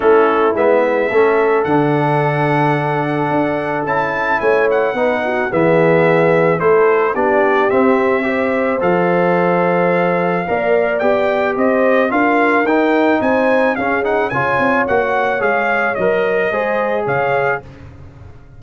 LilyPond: <<
  \new Staff \with { instrumentName = "trumpet" } { \time 4/4 \tempo 4 = 109 a'4 e''2 fis''4~ | fis''2. a''4 | gis''8 fis''4. e''2 | c''4 d''4 e''2 |
f''1 | g''4 dis''4 f''4 g''4 | gis''4 f''8 fis''8 gis''4 fis''4 | f''4 dis''2 f''4 | }
  \new Staff \with { instrumentName = "horn" } { \time 4/4 e'2 a'2~ | a'1 | cis''4 b'8 fis'8 gis'2 | a'4 g'2 c''4~ |
c''2. d''4~ | d''4 c''4 ais'2 | c''4 gis'4 cis''2~ | cis''2 c''4 cis''4 | }
  \new Staff \with { instrumentName = "trombone" } { \time 4/4 cis'4 b4 cis'4 d'4~ | d'2. e'4~ | e'4 dis'4 b2 | e'4 d'4 c'4 g'4 |
a'2. ais'4 | g'2 f'4 dis'4~ | dis'4 cis'8 dis'8 f'4 fis'4 | gis'4 ais'4 gis'2 | }
  \new Staff \with { instrumentName = "tuba" } { \time 4/4 a4 gis4 a4 d4~ | d2 d'4 cis'4 | a4 b4 e2 | a4 b4 c'2 |
f2. ais4 | b4 c'4 d'4 dis'4 | c'4 cis'4 cis8 c'8 ais4 | gis4 fis4 gis4 cis4 | }
>>